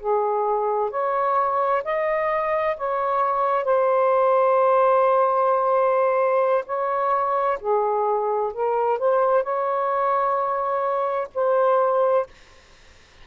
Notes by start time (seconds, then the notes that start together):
0.00 G#4
0.91 C#5
1.85 D#5
2.77 C#5
3.65 C5
6.66 C#5
7.61 G#4
8.54 A#4
8.99 C5
9.44 C#5
11.35 C5